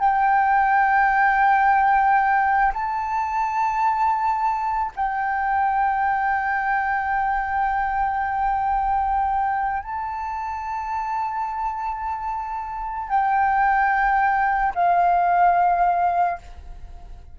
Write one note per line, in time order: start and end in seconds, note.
0.00 2.73 G5
2.74 4.92 A5
4.96 9.83 G5
9.83 13.10 A5
13.10 14.74 G5
14.75 16.39 F5